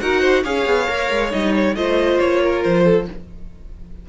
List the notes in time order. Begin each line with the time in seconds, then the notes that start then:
0.00 D#4 F#4 A#4 F#5
0.21 C5
0.44 C#4 G#4 C#5 F5
0.66 B3
0.88 A#3 A#4
1.10 G#3
1.31 G3 D#4 D#5
1.55 C#5
1.75 A3 F4 C5 D#5
2.19 A#3 C#5
2.43 A#4
2.63 F3 C5
2.84 A4